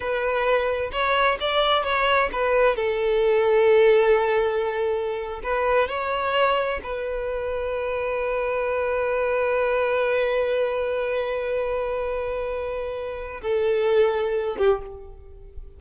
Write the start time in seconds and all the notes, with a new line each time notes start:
0.00 B4
0.91 C#5
1.40 D5
1.83 C#5
2.32 B4
2.75 A4
5.43 B4
5.88 C#5
6.83 B4
13.41 A4
14.57 G4